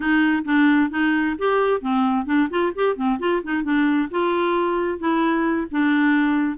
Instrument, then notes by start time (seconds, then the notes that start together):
clarinet
0.00 D#4
0.44 D4
0.90 D#4
1.38 G4
1.81 C4
2.25 D4
2.49 F4
2.75 G4
2.96 C4
3.19 F4
3.43 D#4
3.63 D4
4.10 F4
4.99 E4
5.71 D4